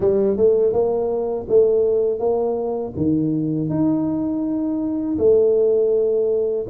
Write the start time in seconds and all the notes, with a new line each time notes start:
0.00 G3
0.37 A3
0.72 A#3
1.48 A3
2.19 A#3
2.96 D#3
3.69 D#4
5.18 A3